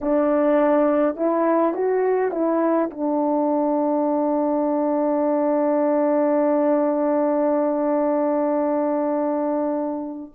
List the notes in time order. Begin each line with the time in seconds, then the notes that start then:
0.01 D4
1.16 E4
1.74 F#4
2.31 E4
2.90 D4